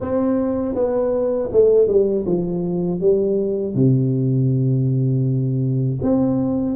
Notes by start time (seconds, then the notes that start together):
0.00 C4
0.74 B3
1.52 A3
1.87 G3
2.26 F3
3.00 G3
3.74 C3
6.02 C4